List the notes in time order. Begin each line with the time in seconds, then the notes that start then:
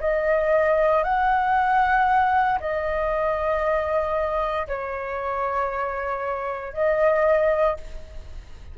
0.00 D#5
1.04 F#5
2.60 D#5
4.67 C#5
6.73 D#5